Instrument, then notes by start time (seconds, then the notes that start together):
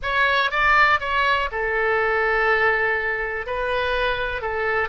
oboe
0.02 C#5
0.51 D5
1.00 C#5
1.51 A4
3.46 B4
4.41 A4